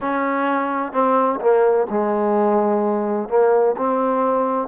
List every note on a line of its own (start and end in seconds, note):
0.00 0.92 C#4
0.92 1.39 C4
1.40 1.87 A#3
1.90 3.29 G#3
3.29 3.75 A#3
3.77 4.67 C4